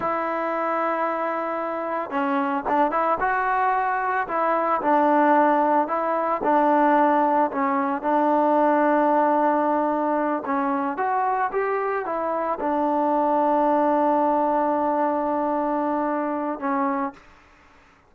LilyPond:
\new Staff \with { instrumentName = "trombone" } { \time 4/4 \tempo 4 = 112 e'1 | cis'4 d'8 e'8 fis'2 | e'4 d'2 e'4 | d'2 cis'4 d'4~ |
d'2.~ d'8 cis'8~ | cis'8 fis'4 g'4 e'4 d'8~ | d'1~ | d'2. cis'4 | }